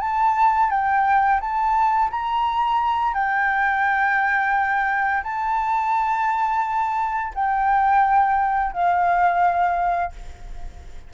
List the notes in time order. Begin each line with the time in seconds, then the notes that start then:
0.00 A5
0.70 G5
1.40 A5
2.10 A#5
3.14 G5
5.23 A5
7.34 G5
8.72 F5